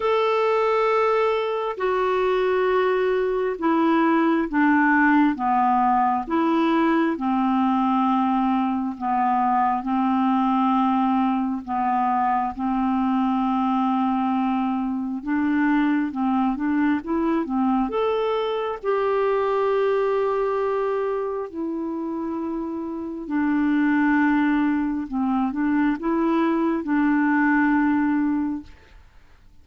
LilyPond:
\new Staff \with { instrumentName = "clarinet" } { \time 4/4 \tempo 4 = 67 a'2 fis'2 | e'4 d'4 b4 e'4 | c'2 b4 c'4~ | c'4 b4 c'2~ |
c'4 d'4 c'8 d'8 e'8 c'8 | a'4 g'2. | e'2 d'2 | c'8 d'8 e'4 d'2 | }